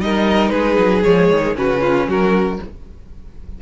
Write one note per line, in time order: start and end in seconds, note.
0.00 0.51 G3
0.00 1.03 D#4
0.00 0.53 A#4
0.00 0.49 D#5
0.49 0.77 G#3
0.49 1.56 G#4
0.49 1.01 B4
0.78 1.04 F#3
1.03 1.31 F3
1.03 1.56 G#3
1.03 1.55 C#5
1.31 1.57 D#3
1.56 2.07 C#3
1.56 2.59 C#4
1.56 1.81 F#4
1.56 2.10 B4
1.81 2.07 F4
2.07 2.59 F#3
2.07 2.61 F#4
2.07 2.62 A#4